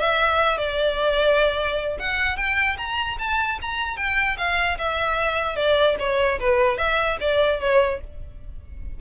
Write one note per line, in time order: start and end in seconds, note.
0.00 0.57 E5
0.57 1.97 D5
1.99 2.37 F#5
2.37 2.77 G5
2.77 3.17 A#5
3.19 3.59 A5
3.62 3.97 A#5
3.97 4.37 G5
4.37 4.77 F5
4.78 5.56 E5
5.56 5.96 D5
5.99 6.39 C#5
6.40 6.78 B4
6.78 7.18 E5
7.21 7.60 D5
7.60 8.00 C#5